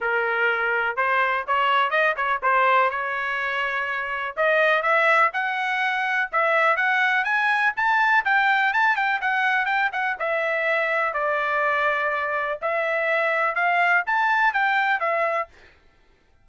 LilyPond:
\new Staff \with { instrumentName = "trumpet" } { \time 4/4 \tempo 4 = 124 ais'2 c''4 cis''4 | dis''8 cis''8 c''4 cis''2~ | cis''4 dis''4 e''4 fis''4~ | fis''4 e''4 fis''4 gis''4 |
a''4 g''4 a''8 g''8 fis''4 | g''8 fis''8 e''2 d''4~ | d''2 e''2 | f''4 a''4 g''4 e''4 | }